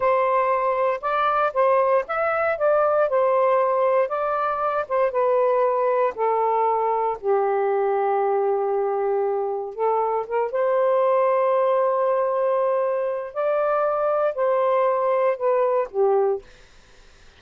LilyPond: \new Staff \with { instrumentName = "saxophone" } { \time 4/4 \tempo 4 = 117 c''2 d''4 c''4 | e''4 d''4 c''2 | d''4. c''8 b'2 | a'2 g'2~ |
g'2. a'4 | ais'8 c''2.~ c''8~ | c''2 d''2 | c''2 b'4 g'4 | }